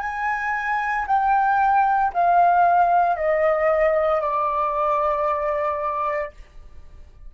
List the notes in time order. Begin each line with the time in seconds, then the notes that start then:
0.00 G#5
1.07 G5
2.13 F5
3.16 D#5
4.21 D5